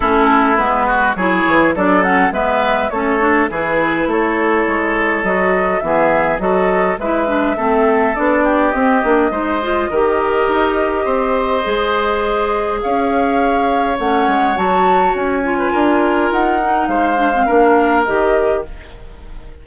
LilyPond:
<<
  \new Staff \with { instrumentName = "flute" } { \time 4/4 \tempo 4 = 103 a'4 b'4 cis''4 d''8 fis''8 | e''4 cis''4 b'4 cis''4~ | cis''4 dis''4 e''4 dis''4 | e''2 d''4 dis''4~ |
dis''1~ | dis''2 f''2 | fis''4 a''4 gis''2 | fis''4 f''2 dis''4 | }
  \new Staff \with { instrumentName = "oboe" } { \time 4/4 e'4. fis'8 gis'4 a'4 | b'4 a'4 gis'4 a'4~ | a'2 gis'4 a'4 | b'4 a'4. g'4. |
c''4 ais'2 c''4~ | c''2 cis''2~ | cis''2~ cis''8. b'16 ais'4~ | ais'4 c''4 ais'2 | }
  \new Staff \with { instrumentName = "clarinet" } { \time 4/4 cis'4 b4 e'4 d'8 cis'8 | b4 cis'8 d'8 e'2~ | e'4 fis'4 b4 fis'4 | e'8 d'8 c'4 d'4 c'8 d'8 |
dis'8 f'8 g'2. | gis'1 | cis'4 fis'4. f'4.~ | f'8 dis'4 d'16 c'16 d'4 g'4 | }
  \new Staff \with { instrumentName = "bassoon" } { \time 4/4 a4 gis4 fis8 e8 fis4 | gis4 a4 e4 a4 | gis4 fis4 e4 fis4 | gis4 a4 b4 c'8 ais8 |
gis4 dis4 dis'4 c'4 | gis2 cis'2 | a8 gis8 fis4 cis'4 d'4 | dis'4 gis4 ais4 dis4 | }
>>